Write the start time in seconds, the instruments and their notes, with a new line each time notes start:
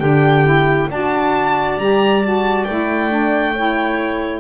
0.00 double bass D3, saxophone D4, clarinet G4, violin G5
0.45 saxophone E4
0.91 double bass D4, saxophone F#4, clarinet D5, violin A5
1.78 double bass G3, saxophone G4, violin A#5
2.23 saxophone F#4, violin A5
2.64 double bass A3, saxophone E4, violin G5
3.10 saxophone D4
3.55 saxophone E4, clarinet C#5